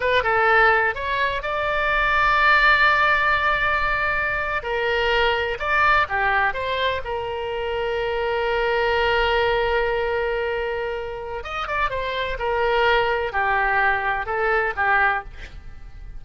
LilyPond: \new Staff \with { instrumentName = "oboe" } { \time 4/4 \tempo 4 = 126 b'8 a'4. cis''4 d''4~ | d''1~ | d''4.~ d''16 ais'2 d''16~ | d''8. g'4 c''4 ais'4~ ais'16~ |
ais'1~ | ais'1 | dis''8 d''8 c''4 ais'2 | g'2 a'4 g'4 | }